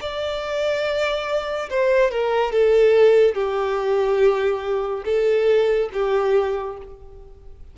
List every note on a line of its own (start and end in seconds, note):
0.00 1.69 D5
1.69 2.10 C5
2.10 2.52 A#4
2.52 3.34 A4
3.34 5.03 G4
5.04 5.89 A4
5.93 6.77 G4